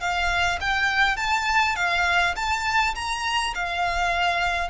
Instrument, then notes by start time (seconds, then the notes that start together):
violin
0.00 F5
0.60 G5
1.17 A5
1.76 F5
2.36 A5
2.95 A#5
3.55 F5